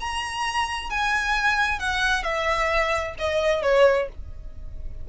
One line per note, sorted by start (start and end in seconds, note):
0.00 0.90 A#5
0.90 1.79 G#5
1.79 2.23 F#5
2.23 3.15 E5
3.19 3.62 D#5
3.62 4.08 C#5